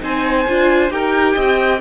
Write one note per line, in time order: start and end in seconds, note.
0.00 0.46 C4
0.00 0.45 D#4
0.00 0.93 C5
0.00 0.91 G#5
0.48 0.90 D4
0.48 0.90 F4
0.90 1.35 D#4
0.90 1.80 G4
0.90 1.34 A#4
0.90 1.81 G5
1.34 1.81 C4
1.34 1.79 D#5